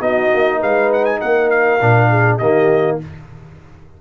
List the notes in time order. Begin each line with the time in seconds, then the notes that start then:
0.00 B3 D#4 F#4 D#5
0.34 A#3
0.59 G#3 B4 F5
0.93 F#5
1.05 G#5
1.21 A#3 A#4 F#5
1.50 F5
1.81 A#2 D4
2.10 G#4
2.38 D#3 A#3 G4 D#5